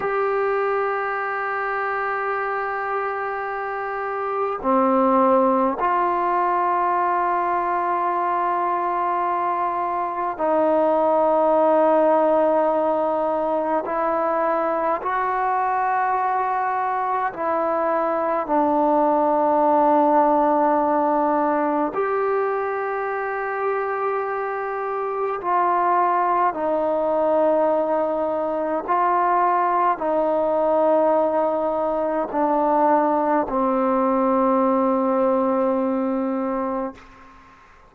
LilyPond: \new Staff \with { instrumentName = "trombone" } { \time 4/4 \tempo 4 = 52 g'1 | c'4 f'2.~ | f'4 dis'2. | e'4 fis'2 e'4 |
d'2. g'4~ | g'2 f'4 dis'4~ | dis'4 f'4 dis'2 | d'4 c'2. | }